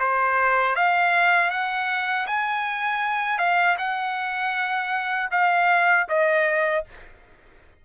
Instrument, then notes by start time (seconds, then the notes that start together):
trumpet
0.00 C5
0.76 F5
1.51 F#5
2.28 G#5
3.39 F5
3.78 F#5
5.31 F5
6.09 D#5